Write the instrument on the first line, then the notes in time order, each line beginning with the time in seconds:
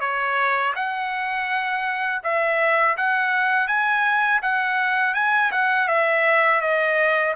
trumpet
0.00 C#5
0.75 F#5
2.23 E5
2.97 F#5
3.68 G#5
4.42 F#5
5.14 G#5
5.51 F#5
5.88 E5
6.61 D#5